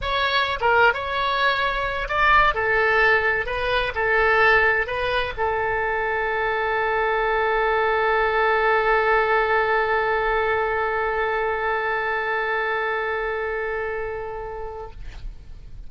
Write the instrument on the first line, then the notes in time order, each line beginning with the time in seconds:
oboe
0.01 C#5
0.60 A#4
0.93 C#5
2.08 D5
2.54 A4
3.46 B4
3.95 A4
4.86 B4
5.37 A4